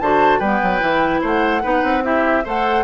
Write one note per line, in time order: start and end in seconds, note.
0.00 0.40 D3
0.00 0.43 F#4
0.00 0.39 C5
0.00 0.40 A5
0.39 0.60 G3
0.39 0.80 B3
0.39 1.21 B4
0.39 1.21 G5
0.63 0.81 F#3
0.80 1.22 E3
0.80 1.61 E4
1.21 1.63 A3
1.21 1.62 C5
1.21 2.05 F#5
1.62 1.83 B3
1.62 2.03 D#4
1.62 2.04 B4
1.83 2.44 C4
2.03 2.43 E4
2.03 2.44 G4
2.03 2.45 E5
2.44 2.84 A3
2.44 2.84 A4
2.44 2.84 C5
2.44 2.84 F#5